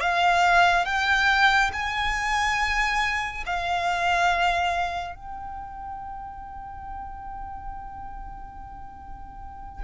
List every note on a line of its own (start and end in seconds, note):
0.00 0.85 F5
0.85 1.71 G5
1.73 3.44 G#5
3.46 5.15 F5
5.15 9.83 G5